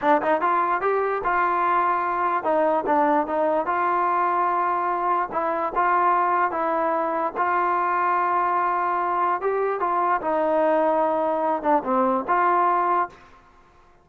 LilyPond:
\new Staff \with { instrumentName = "trombone" } { \time 4/4 \tempo 4 = 147 d'8 dis'8 f'4 g'4 f'4~ | f'2 dis'4 d'4 | dis'4 f'2.~ | f'4 e'4 f'2 |
e'2 f'2~ | f'2. g'4 | f'4 dis'2.~ | dis'8 d'8 c'4 f'2 | }